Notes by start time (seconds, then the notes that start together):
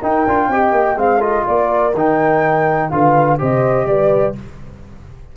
0.00 D#4 A#4 G5
0.27 D4 F4
0.48 C4 G4 D#5
0.72 A#3
0.96 G#3 C4 F5
1.18 F4 A4 D#5
1.46 A#3 A#4 D5
1.94 D#3 D#4 G5
2.90 D3 F4 B4 F5
3.39 C3 G4 C5 D#5
3.86 G3 B4 D5